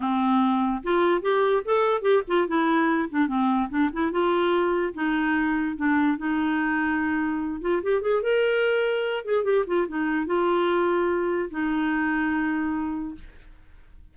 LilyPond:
\new Staff \with { instrumentName = "clarinet" } { \time 4/4 \tempo 4 = 146 c'2 f'4 g'4 | a'4 g'8 f'8 e'4. d'8 | c'4 d'8 e'8 f'2 | dis'2 d'4 dis'4~ |
dis'2~ dis'8 f'8 g'8 gis'8 | ais'2~ ais'8 gis'8 g'8 f'8 | dis'4 f'2. | dis'1 | }